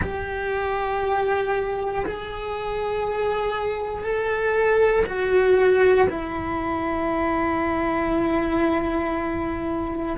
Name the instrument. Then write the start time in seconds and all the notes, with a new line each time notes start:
cello
0.01 G4
2.05 G#4
4.03 A4
5.06 F#4
6.09 E4